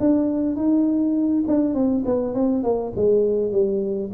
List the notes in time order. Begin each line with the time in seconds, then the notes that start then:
0.00 D4
0.56 D#4
1.47 D4
1.74 C4
2.05 B3
2.34 C4
2.63 A#3
2.96 G#3
3.52 G3